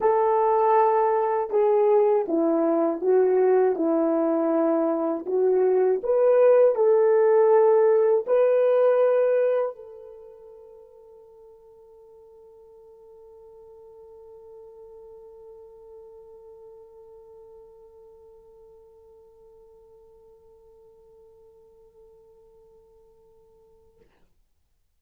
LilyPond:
\new Staff \with { instrumentName = "horn" } { \time 4/4 \tempo 4 = 80 a'2 gis'4 e'4 | fis'4 e'2 fis'4 | b'4 a'2 b'4~ | b'4 a'2.~ |
a'1~ | a'1~ | a'1~ | a'1 | }